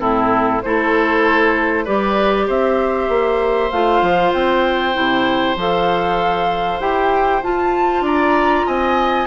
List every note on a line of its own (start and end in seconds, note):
0.00 0.63 A2
0.00 0.62 C4
0.00 0.62 E4
0.00 0.62 A4
0.62 1.88 A3
0.62 1.86 E4
0.62 1.85 A4
0.62 1.86 C5
1.85 2.49 G3
1.85 3.72 G4
1.85 2.47 B4
1.85 2.48 D5
2.47 3.09 C4
2.47 8.04 C5
2.47 3.71 E5
3.09 3.71 A#3
3.71 4.02 A3
3.71 4.94 F4
3.71 4.33 F5
4.02 4.33 F3
4.34 4.96 C4
4.34 5.57 G5
4.94 5.56 C3
4.94 5.56 E4
5.56 6.80 F3
5.56 6.81 A4
5.56 6.81 F5
6.80 7.42 E4
6.80 7.43 G4
6.80 7.43 G5
7.43 9.28 F4
7.43 8.02 F4
7.43 8.05 A5
8.02 8.64 D4
8.02 8.67 D5
8.02 8.67 A#5
8.67 9.28 C4
8.67 9.28 D#5
8.67 9.28 G#5